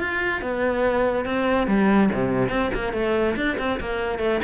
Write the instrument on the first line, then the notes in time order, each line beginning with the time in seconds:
cello
0.00 F4
0.41 B3
1.25 C4
1.67 G3
2.13 C3
2.49 C4
2.74 A#3
2.93 A3
3.36 D4
3.59 C4
3.80 A#3
4.19 A3